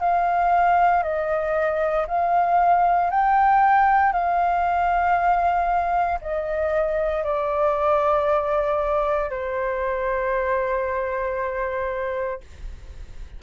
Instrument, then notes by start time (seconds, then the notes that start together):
flute
0.00 F5
1.03 D#5
2.07 F5
3.11 G5
4.12 F5
6.22 D#5
7.24 D5
9.31 C5